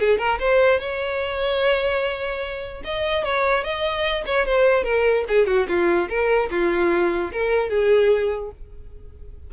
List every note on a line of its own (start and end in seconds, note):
0.00 0.18 G#4
0.18 0.39 A#4
0.39 0.80 C5
0.80 2.82 C#5
2.84 3.24 D#5
3.24 3.64 C#5
3.64 4.25 D#5
4.26 4.46 C#5
4.46 4.84 C5
4.84 5.25 A#4
5.28 5.47 G#4
5.47 5.67 F#4
5.68 6.09 F4
6.09 6.49 A#4
6.50 7.32 F4
7.32 7.70 A#4
7.70 8.51 G#4